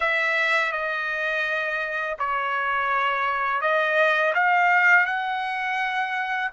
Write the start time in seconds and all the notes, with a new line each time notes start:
0.00 E5
0.72 D#5
2.18 C#5
3.61 D#5
4.34 F5
5.06 F#5